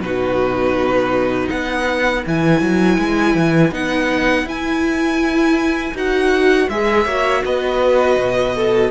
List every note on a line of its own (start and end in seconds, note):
0.00 1.48 B2
0.00 2.25 D#4
0.00 1.52 F#4
0.00 1.49 B4
1.50 2.25 B3
1.50 7.04 B4
1.50 2.24 F#5
2.26 2.61 E3
2.26 3.72 E4
2.26 3.74 G#5
2.61 2.98 F#3
2.98 3.35 G#3
3.35 3.71 E3
3.71 4.44 B3
3.71 4.46 D#4
3.71 4.48 F#5
4.44 5.92 E4
4.44 5.94 E4
4.44 5.97 G#5
5.94 6.68 D#4
5.94 6.69 F#4
5.94 6.69 F#5
6.69 7.06 G#3
6.69 7.07 G#4
6.69 7.43 E5
7.04 7.43 A#3
7.04 8.91 F#4
7.04 7.42 C#5
7.45 8.17 B3
7.45 8.55 B4
7.45 8.91 D#5
8.17 8.91 B2
8.55 8.91 A4